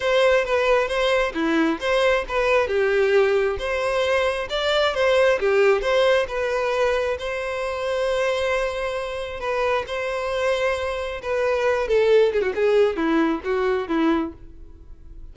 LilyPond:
\new Staff \with { instrumentName = "violin" } { \time 4/4 \tempo 4 = 134 c''4 b'4 c''4 e'4 | c''4 b'4 g'2 | c''2 d''4 c''4 | g'4 c''4 b'2 |
c''1~ | c''4 b'4 c''2~ | c''4 b'4. a'4 gis'16 fis'16 | gis'4 e'4 fis'4 e'4 | }